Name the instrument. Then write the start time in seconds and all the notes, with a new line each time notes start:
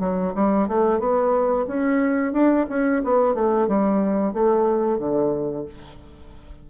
bassoon
0.00 F#3
0.35 G3
0.68 A3
1.00 B3
1.68 C#4
2.33 D4
2.70 C#4
3.05 B3
3.35 A3
3.68 G3
4.34 A3
4.99 D3